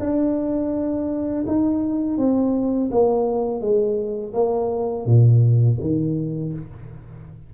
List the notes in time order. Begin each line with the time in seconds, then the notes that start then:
0.00 D4
1.47 D#4
2.18 C4
2.91 A#3
3.61 G#3
4.33 A#3
5.05 A#2
5.80 D#3